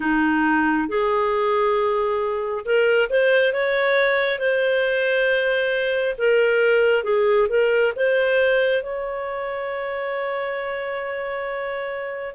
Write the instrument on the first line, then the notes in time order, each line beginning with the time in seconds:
clarinet
0.00 D#4
0.88 G#4
2.65 A#4
3.09 C5
3.53 C#5
4.39 C5
6.18 A#4
7.03 G#4
7.48 A#4
7.95 C5
8.82 C#5